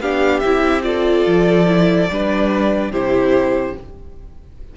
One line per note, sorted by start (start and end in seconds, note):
0.00 0.42 B3
0.00 0.44 D4
0.00 0.85 G4
0.00 0.40 F5
0.40 1.26 C4
0.40 0.83 E4
0.40 0.81 E5
0.83 1.66 F4
0.83 2.11 A4
0.83 2.92 D5
1.26 2.09 F3
1.67 2.08 E4
2.09 2.90 G3
2.09 2.93 D4
2.09 2.91 B4
2.90 3.73 C3
2.90 3.76 E4
2.90 3.75 G4
2.90 3.76 C5